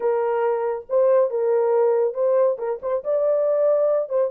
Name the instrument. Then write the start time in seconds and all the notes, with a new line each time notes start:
horn
0.00 A#4
0.89 C5
1.30 A#4
2.14 C5
2.58 A#4
2.82 C5
3.04 D5
4.09 C5